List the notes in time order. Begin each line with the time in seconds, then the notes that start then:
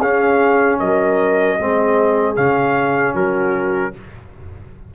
0.00 C#4 G#4 F5
0.79 F#3 A#4 D#5
1.60 G#3 C4 G#4
2.36 C#3 C#4 F5
3.15 F#3 F#4 A#4